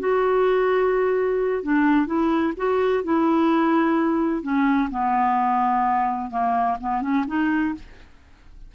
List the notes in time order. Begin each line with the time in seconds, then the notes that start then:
0.00 F#4
1.63 D4
2.07 E4
2.57 F#4
3.04 E4
4.43 C#4
4.91 B3
6.31 A#3
6.81 B3
7.02 C#4
7.28 D#4